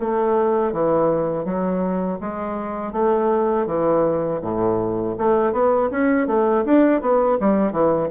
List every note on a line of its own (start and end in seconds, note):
0.00 0.72 A3
0.72 1.45 E3
1.45 2.19 F#3
2.21 2.92 G#3
2.92 3.66 A3
3.66 4.40 E3
4.41 5.15 A2
5.18 5.53 A3
5.53 5.90 B3
5.91 6.27 C#4
6.27 6.64 A3
6.65 7.01 D4
7.01 7.38 B3
7.40 7.72 G3
7.72 8.09 E3